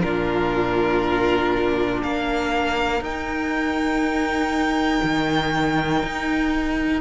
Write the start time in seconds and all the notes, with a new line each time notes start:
0.00 A#2 D4 F4 A#4
2.03 A#3 A#4 F5
3.01 D#4 G5
5.03 D#3
6.03 D#4